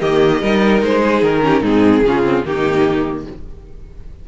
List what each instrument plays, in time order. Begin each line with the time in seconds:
0.00 cello D#3, viola A#3, violin G4 D#5
0.41 cello G3, viola D#4, violin A#4
0.82 cello G#3, violin C5
1.01 violin G#4
1.22 cello D#3, violin A#4
1.41 viola C#4, violin G4
1.61 cello G#2, viola C4, violin D#4 G#4
2.02 cello C#3, viola C#4, violin F4
2.23 viola C4
2.44 cello D#3, viola A#3, violin D#4 G4